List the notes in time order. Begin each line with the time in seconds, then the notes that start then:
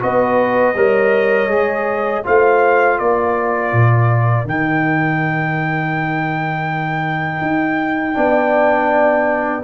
0.00 B3 F#4 B4 D#5
0.74 G3 A#4 C#5
1.48 G#3 G#4
2.24 A3 F4 C5 F5
2.98 A#3 A#4 D5
3.72 A#2
4.45 D#3 D#4 G5
7.42 D#4
8.14 B3 D4 D5